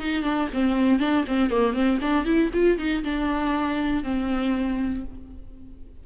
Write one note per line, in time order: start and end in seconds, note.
0.00 0.23 D#4
0.23 0.49 D4
0.54 1.00 C4
1.00 1.25 D4
1.28 1.51 C4
1.51 1.74 A#3
1.74 1.99 C4
2.02 2.26 D4
2.26 2.51 E4
2.54 2.79 F4
2.79 3.04 D#4
3.04 4.04 D4
4.04 5.05 C4